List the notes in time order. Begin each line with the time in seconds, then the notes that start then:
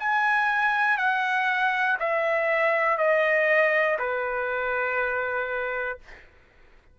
0.00 G#5
0.98 F#5
2.00 E5
2.98 D#5
3.99 B4